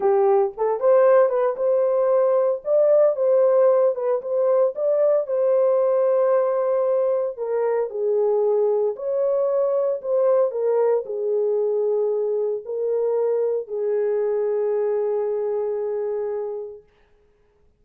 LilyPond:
\new Staff \with { instrumentName = "horn" } { \time 4/4 \tempo 4 = 114 g'4 a'8 c''4 b'8 c''4~ | c''4 d''4 c''4. b'8 | c''4 d''4 c''2~ | c''2 ais'4 gis'4~ |
gis'4 cis''2 c''4 | ais'4 gis'2. | ais'2 gis'2~ | gis'1 | }